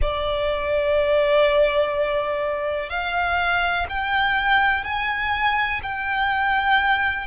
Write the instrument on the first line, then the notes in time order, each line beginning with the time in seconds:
violin
0.01 D5
2.89 F5
3.89 G5
4.83 G#5
5.82 G5